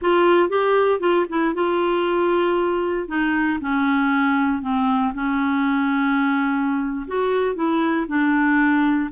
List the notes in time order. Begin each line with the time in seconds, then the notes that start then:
0.01 F4
0.49 G4
1.00 F4
1.29 E4
1.54 F4
3.07 D#4
3.60 C#4
4.62 C4
5.14 C#4
7.07 F#4
7.55 E4
8.07 D4